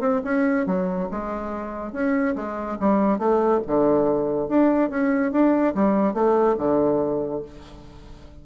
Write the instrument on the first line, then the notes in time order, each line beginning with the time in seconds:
bassoon
0.00 C4
0.24 C#4
0.66 F#3
1.10 G#3
1.92 C#4
2.35 G#3
2.79 G3
3.18 A3
3.67 D3
4.48 D4
4.89 C#4
5.31 D4
5.74 G3
6.13 A3
6.57 D3